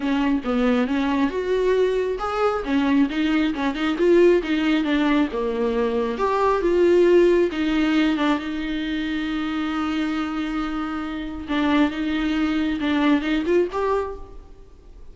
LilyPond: \new Staff \with { instrumentName = "viola" } { \time 4/4 \tempo 4 = 136 cis'4 b4 cis'4 fis'4~ | fis'4 gis'4 cis'4 dis'4 | cis'8 dis'8 f'4 dis'4 d'4 | ais2 g'4 f'4~ |
f'4 dis'4. d'8 dis'4~ | dis'1~ | dis'2 d'4 dis'4~ | dis'4 d'4 dis'8 f'8 g'4 | }